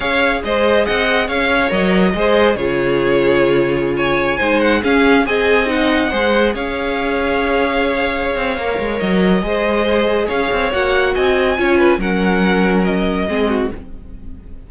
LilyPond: <<
  \new Staff \with { instrumentName = "violin" } { \time 4/4 \tempo 4 = 140 f''4 dis''4 fis''4 f''4 | dis''2 cis''2~ | cis''4~ cis''16 gis''4. fis''8 f''8.~ | f''16 gis''4 fis''2 f''8.~ |
f''1~ | f''4 dis''2. | f''4 fis''4 gis''2 | fis''2 dis''2 | }
  \new Staff \with { instrumentName = "violin" } { \time 4/4 cis''4 c''4 dis''4 cis''4~ | cis''4 c''4 gis'2~ | gis'4~ gis'16 cis''4 c''4 gis'8.~ | gis'16 dis''2 c''4 cis''8.~ |
cis''1~ | cis''2 c''2 | cis''2 dis''4 cis''8 b'8 | ais'2. gis'8 fis'8 | }
  \new Staff \with { instrumentName = "viola" } { \time 4/4 gis'1 | ais'4 gis'4 f'2~ | f'2~ f'16 dis'4 cis'8.~ | cis'16 gis'4 dis'4 gis'4.~ gis'16~ |
gis'1 | ais'2 gis'2~ | gis'4 fis'2 f'4 | cis'2. c'4 | }
  \new Staff \with { instrumentName = "cello" } { \time 4/4 cis'4 gis4 c'4 cis'4 | fis4 gis4 cis2~ | cis2~ cis16 gis4 cis'8.~ | cis'16 c'2 gis4 cis'8.~ |
cis'2.~ cis'8 c'8 | ais8 gis8 fis4 gis2 | cis'8 c'8 ais4 c'4 cis'4 | fis2. gis4 | }
>>